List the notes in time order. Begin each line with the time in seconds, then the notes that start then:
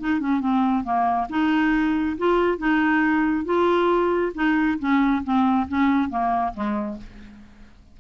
0.00 D#4
0.20 C#4
0.40 C4
0.84 A#3
1.30 D#4
2.18 F4
2.58 D#4
3.45 F4
4.35 D#4
4.79 C#4
5.24 C4
5.69 C#4
6.10 A#3
6.54 G#3